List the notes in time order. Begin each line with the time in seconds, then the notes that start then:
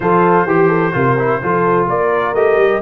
0.00 F3 F4 A4 C5
0.45 E3 G4
0.68 A4
0.93 C3 F4 A#4
1.18 E4
1.42 F3 F4 A4
1.86 A#3 A#4 D5
2.33 A3 G4 D#5
2.56 G3